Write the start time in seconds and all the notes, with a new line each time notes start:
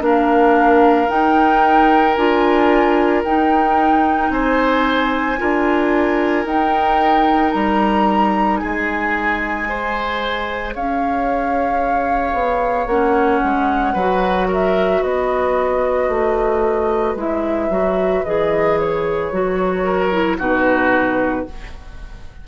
0.00 A#3 D4 A#4 F5
1.08 D#4 G5
2.14 D4 F4 G#5
3.24 D#4 G5
4.30 C4 C5 G#5
5.38 D4 F4 A#4
6.45 D#4 G5
7.52 G3 A#5
8.57 G#4 G#5
8.64 G#3
9.69 G#4 C5
10.75 C#4 C#5 F5
12.33 B3
12.87 A#3 C#4 F#5
13.44 G#3
13.94 F#3 F#4 B4
14.48 A#4 E5
15.02 B3 B4 D#5
16.09 A3
17.15 G#3 E4 E5
17.70 F#3 F#4
18.25 E3 G#4 D#5
18.79 C#5
19.32 F#3 F#4
19.83 A#4
20.12 E4
20.39 B2 D#4 F#4 B4